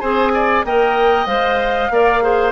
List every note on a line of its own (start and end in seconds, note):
0.00 0.64 C4
0.00 0.65 G#4
0.00 0.32 C5
0.00 0.63 G#5
0.34 0.65 D5
0.64 1.26 A#3
0.64 1.27 A#4
0.64 1.92 D#5
0.64 1.27 G5
1.26 1.89 G#3
1.26 1.90 C5
1.26 2.52 F5
1.89 2.52 A#3
1.89 2.22 A#4
1.89 2.23 D5
2.22 2.52 G#4
2.22 2.52 C5